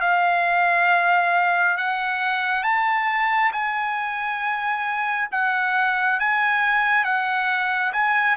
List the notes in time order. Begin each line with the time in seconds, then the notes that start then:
0.00 F5
1.77 F#5
2.63 A5
3.52 G#5
5.31 F#5
6.19 G#5
7.04 F#5
7.93 G#5